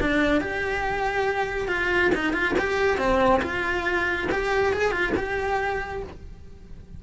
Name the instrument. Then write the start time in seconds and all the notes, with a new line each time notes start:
cello
0.00 D4
0.41 G4
1.68 F4
2.14 D#4
2.33 F4
2.58 G4
2.97 C4
3.42 F4
4.31 G4
4.73 G#4
4.91 F4
5.17 G4